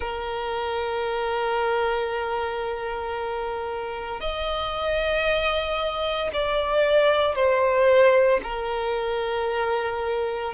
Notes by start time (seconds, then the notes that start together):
0.00 A#4
4.20 D#5
6.33 D5
7.35 C5
8.43 A#4